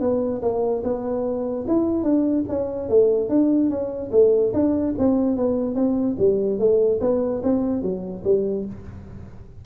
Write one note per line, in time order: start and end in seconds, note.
0.00 0.41 B3
0.41 0.82 A#3
0.83 1.66 B3
1.67 2.03 E4
2.03 2.44 D4
2.48 2.89 C#4
2.89 3.29 A3
3.29 3.69 D4
3.69 4.10 C#4
4.11 4.52 A3
4.53 4.94 D4
4.98 5.36 C4
5.36 5.75 B3
5.75 6.16 C4
6.18 6.58 G3
6.58 7.00 A3
7.00 7.42 B3
7.43 7.82 C4
7.82 8.23 F#3
8.24 8.65 G3